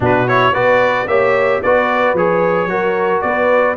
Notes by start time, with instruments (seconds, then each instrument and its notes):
0.00 tuba B2, trombone D4, horn F#4, trumpet B4
0.27 trombone E4, trumpet C#5
0.52 tuba B3, trombone F#4, horn B4, trumpet D5
1.06 tuba A#3, trombone G4, horn C#5, trumpet E5
1.62 tuba B3, trombone F#4, horn B4, trumpet D5
2.13 tuba F3, trombone G#4, trumpet C#5
2.66 tuba F#3, trombone F#4, horn A#4
3.21 tuba B3, horn B4, trumpet D5